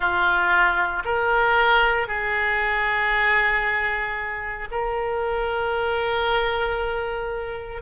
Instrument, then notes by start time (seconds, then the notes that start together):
oboe
0.00 F4
1.04 A#4
2.07 G#4
4.71 A#4